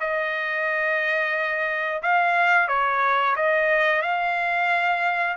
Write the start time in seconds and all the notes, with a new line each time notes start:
0.00 D#5
2.03 F5
2.68 C#5
3.36 D#5
4.02 F5